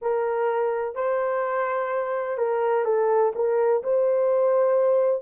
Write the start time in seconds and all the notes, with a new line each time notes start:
0.01 A#4
0.95 C5
2.37 A#4
2.84 A4
3.35 A#4
3.83 C5